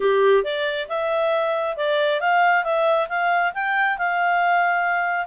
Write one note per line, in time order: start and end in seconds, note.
0.00 0.43 G4
0.43 0.87 D5
0.88 1.76 E5
1.76 2.20 D5
2.20 2.64 F5
2.64 3.08 E5
3.08 3.52 F5
3.54 3.97 G5
3.97 5.26 F5